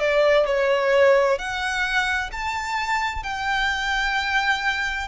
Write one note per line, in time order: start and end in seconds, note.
0.00 0.46 D5
0.46 1.38 C#5
1.38 2.31 F#5
2.32 3.23 A5
3.23 5.08 G5